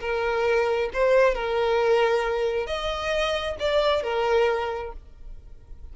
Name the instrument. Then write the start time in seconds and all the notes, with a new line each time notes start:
violin
0.00 A#4
0.93 C5
1.34 A#4
2.67 D#5
3.59 D5
4.03 A#4